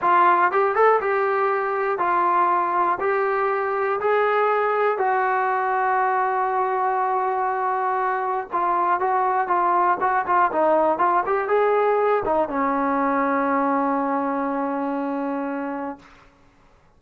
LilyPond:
\new Staff \with { instrumentName = "trombone" } { \time 4/4 \tempo 4 = 120 f'4 g'8 a'8 g'2 | f'2 g'2 | gis'2 fis'2~ | fis'1~ |
fis'4 f'4 fis'4 f'4 | fis'8 f'8 dis'4 f'8 g'8 gis'4~ | gis'8 dis'8 cis'2.~ | cis'1 | }